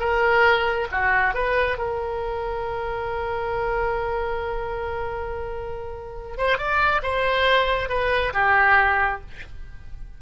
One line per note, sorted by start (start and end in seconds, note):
0.00 0.88 A#4
0.92 1.34 F#4
1.34 1.78 B4
1.78 6.38 A#4
6.38 6.58 C5
6.58 7.02 D5
7.03 7.89 C5
7.89 8.33 B4
8.34 9.21 G4